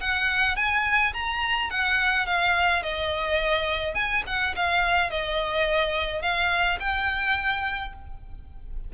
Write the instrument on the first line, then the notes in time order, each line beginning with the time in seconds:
violin
0.00 F#5
0.56 G#5
1.13 A#5
1.70 F#5
2.26 F5
2.82 D#5
3.94 G#5
4.26 F#5
4.55 F5
5.10 D#5
6.22 F5
6.80 G5